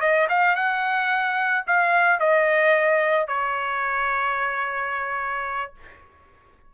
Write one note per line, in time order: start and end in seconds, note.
0.00 0.27 D#5
0.29 0.55 F5
0.55 1.64 F#5
1.67 2.19 F5
2.19 3.27 D#5
3.27 5.73 C#5